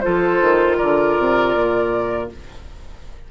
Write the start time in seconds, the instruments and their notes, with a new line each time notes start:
0.00 clarinet F4, oboe A4, flute C5
0.06 bassoon F3
0.41 bassoon D#3
0.77 bassoon D3, oboe A#4, flute D5
1.17 bassoon C3
1.54 bassoon A#2